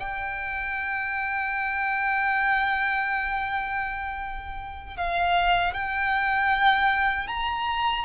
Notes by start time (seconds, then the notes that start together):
0.00 G5
4.98 F5
5.74 G5
7.28 A#5